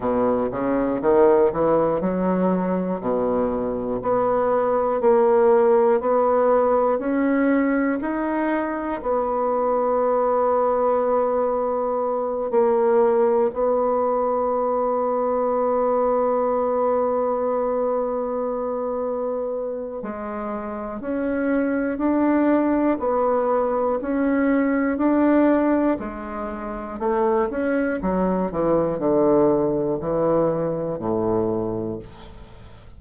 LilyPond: \new Staff \with { instrumentName = "bassoon" } { \time 4/4 \tempo 4 = 60 b,8 cis8 dis8 e8 fis4 b,4 | b4 ais4 b4 cis'4 | dis'4 b2.~ | b8 ais4 b2~ b8~ |
b1 | gis4 cis'4 d'4 b4 | cis'4 d'4 gis4 a8 cis'8 | fis8 e8 d4 e4 a,4 | }